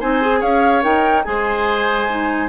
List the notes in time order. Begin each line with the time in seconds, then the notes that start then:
0.00 C4 D#4 C5 G#5
0.22 G#4
0.40 C#4 C#5 F5
0.82 D#4 A#4 G5
1.24 G#3 G#4 C5 G#5
2.09 D#4